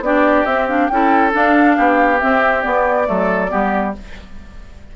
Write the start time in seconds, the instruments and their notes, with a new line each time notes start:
0.00 bassoon B3, clarinet D4, oboe G4, flute D5
0.45 bassoon C4, clarinet C4, flute E5
0.68 clarinet D4, flute F5
0.88 bassoon C#4, clarinet E4, oboe A4, flute G5
1.31 clarinet D4, bassoon D4, flute F5
1.77 bassoon B3, oboe G4
2.20 clarinet C4, bassoon C4, flute E5
2.61 clarinet B3, bassoon B3, flute D5
3.05 bassoon F#3, clarinet A3, oboe A4
3.49 bassoon G3, clarinet B3, oboe G4